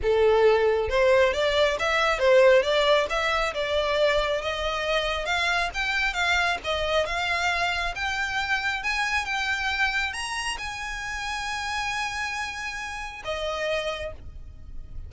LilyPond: \new Staff \with { instrumentName = "violin" } { \time 4/4 \tempo 4 = 136 a'2 c''4 d''4 | e''4 c''4 d''4 e''4 | d''2 dis''2 | f''4 g''4 f''4 dis''4 |
f''2 g''2 | gis''4 g''2 ais''4 | gis''1~ | gis''2 dis''2 | }